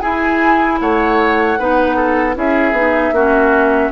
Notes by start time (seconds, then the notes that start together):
0.00 E4 G#4 G#5
0.80 A3 C#5 F#5
1.58 B3 D#4 B4
1.96 A4
2.34 C#4 E4 G#4 E5
2.72 B3 D#4
3.12 A#3 C#4 F#4